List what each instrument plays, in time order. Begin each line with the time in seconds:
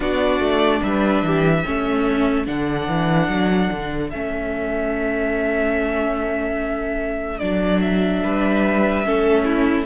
0.00 cello B3, viola D4, violin F#4 D5
0.39 cello A3
0.82 cello G3, violin B4 E5
1.22 cello E3, violin G4
1.65 cello A3, viola C#4, violin A4
2.46 cello D3, viola D4, violin F#5
2.87 cello E3
3.28 cello F#3
3.72 cello D3
4.10 cello A3, viola C#4, violin E5
7.39 cello F#3, viola D4, violin D5
7.80 violin E5
8.23 cello G3, violin B4
9.04 cello A3, viola C#4, violin A4
9.44 violin E4